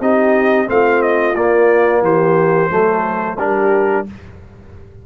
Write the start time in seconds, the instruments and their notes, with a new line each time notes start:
0.00 tuba C4, trombone D#4, horn G4, trumpet D#5
0.66 tuba A3, trombone C4, horn F4, trumpet F5
1.02 trumpet D#5
1.34 tuba A#3, trombone A#3, trumpet D5
2.01 tuba E3, horn G4, trumpet C5
2.70 tuba F#3, trombone A3, horn A4
3.37 tuba G3, trombone D4, horn G4, trumpet A#4